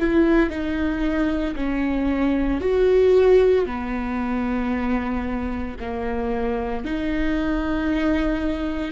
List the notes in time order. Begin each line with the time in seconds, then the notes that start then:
0.00 E4
0.50 D#4
1.56 C#4
2.61 F#4
3.67 B3
5.81 A#3
6.85 D#4